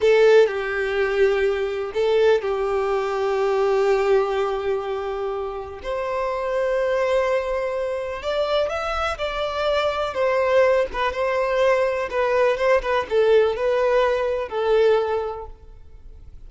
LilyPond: \new Staff \with { instrumentName = "violin" } { \time 4/4 \tempo 4 = 124 a'4 g'2. | a'4 g'2.~ | g'1 | c''1~ |
c''4 d''4 e''4 d''4~ | d''4 c''4. b'8 c''4~ | c''4 b'4 c''8 b'8 a'4 | b'2 a'2 | }